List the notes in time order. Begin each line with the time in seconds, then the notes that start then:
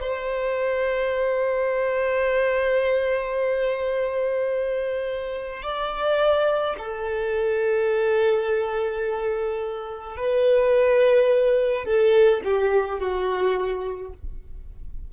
0.00 C5
5.62 D5
6.78 A4
10.16 B4
11.85 A4
12.44 G4
12.99 F#4